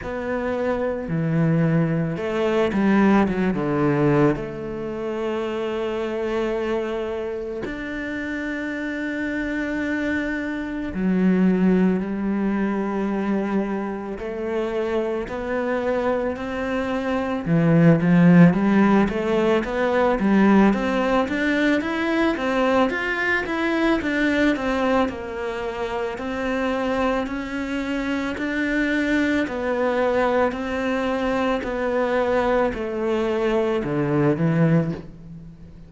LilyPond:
\new Staff \with { instrumentName = "cello" } { \time 4/4 \tempo 4 = 55 b4 e4 a8 g8 fis16 d8. | a2. d'4~ | d'2 fis4 g4~ | g4 a4 b4 c'4 |
e8 f8 g8 a8 b8 g8 c'8 d'8 | e'8 c'8 f'8 e'8 d'8 c'8 ais4 | c'4 cis'4 d'4 b4 | c'4 b4 a4 d8 e8 | }